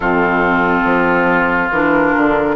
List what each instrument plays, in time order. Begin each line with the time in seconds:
0.00 bassoon F2, clarinet C4, oboe F4, flute A4
0.84 bassoon F3
1.70 bassoon E3, clarinet D4, flute A#4
2.16 bassoon D3